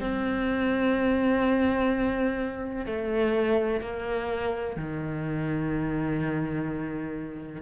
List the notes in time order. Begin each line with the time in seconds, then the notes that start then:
0.00 C4
2.86 A3
3.81 A#3
4.76 D#3